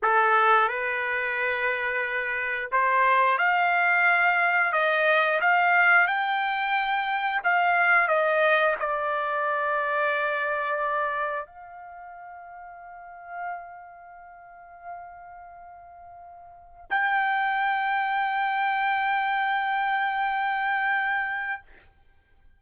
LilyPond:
\new Staff \with { instrumentName = "trumpet" } { \time 4/4 \tempo 4 = 89 a'4 b'2. | c''4 f''2 dis''4 | f''4 g''2 f''4 | dis''4 d''2.~ |
d''4 f''2.~ | f''1~ | f''4 g''2.~ | g''1 | }